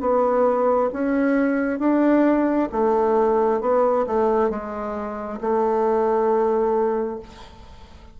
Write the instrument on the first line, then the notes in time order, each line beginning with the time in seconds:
bassoon
0.00 B3
0.92 C#4
1.79 D4
2.72 A3
3.61 B3
4.06 A3
4.50 G#3
5.40 A3